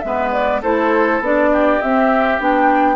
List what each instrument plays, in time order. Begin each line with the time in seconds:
0.00 bassoon G#3, clarinet B3, flute E5
0.06 oboe B4
0.32 flute D5
0.62 bassoon A3, clarinet E4, oboe A4, flute C5
1.20 bassoon B3, clarinet D4, flute D5
1.53 oboe G4
1.82 clarinet C4, bassoon C4, flute E5
2.39 bassoon B3, clarinet D4, flute G5